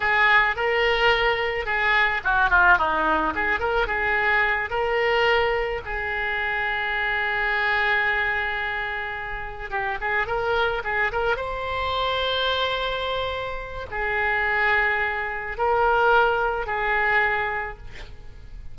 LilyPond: \new Staff \with { instrumentName = "oboe" } { \time 4/4 \tempo 4 = 108 gis'4 ais'2 gis'4 | fis'8 f'8 dis'4 gis'8 ais'8 gis'4~ | gis'8 ais'2 gis'4.~ | gis'1~ |
gis'4. g'8 gis'8 ais'4 gis'8 | ais'8 c''2.~ c''8~ | c''4 gis'2. | ais'2 gis'2 | }